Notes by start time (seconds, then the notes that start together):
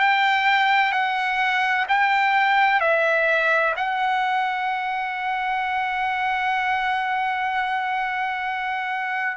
0.00 G5
0.92 F#5
1.88 G5
2.81 E5
3.77 F#5